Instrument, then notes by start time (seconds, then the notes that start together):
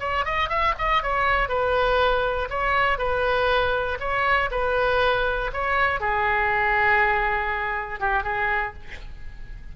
oboe
0.00 C#5
0.25 D#5
0.49 E5
0.78 D#5
1.03 C#5
1.49 B4
2.50 C#5
2.98 B4
4.00 C#5
4.51 B4
5.53 C#5
6.00 G#4
8.00 G4
8.23 G#4